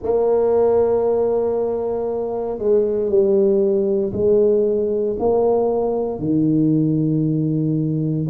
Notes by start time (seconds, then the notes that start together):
0.03 A#3
2.58 G#3
3.08 G3
4.12 G#3
5.19 A#3
6.19 D#3